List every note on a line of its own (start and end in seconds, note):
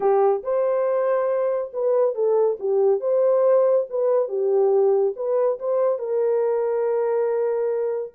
0.00 0.42 G4
0.43 1.71 C5
1.73 2.14 B4
2.14 2.57 A4
2.59 3.00 G4
3.00 3.86 C5
3.89 4.28 B4
4.28 5.14 G4
5.15 5.58 B4
5.59 5.99 C5
5.99 8.13 A#4